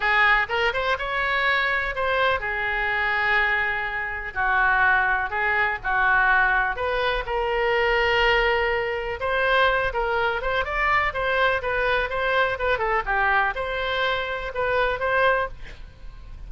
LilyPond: \new Staff \with { instrumentName = "oboe" } { \time 4/4 \tempo 4 = 124 gis'4 ais'8 c''8 cis''2 | c''4 gis'2.~ | gis'4 fis'2 gis'4 | fis'2 b'4 ais'4~ |
ais'2. c''4~ | c''8 ais'4 c''8 d''4 c''4 | b'4 c''4 b'8 a'8 g'4 | c''2 b'4 c''4 | }